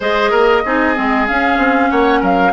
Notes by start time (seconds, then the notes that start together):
0.00 G#3 G#4 C5 D#5
0.30 A#3 A#4
0.64 C4 D#4 G#4
0.95 G#3 C4
1.27 C#4 F5
1.57 C4
1.90 A#3 C#5 F#5
2.20 F#3 A#4 F5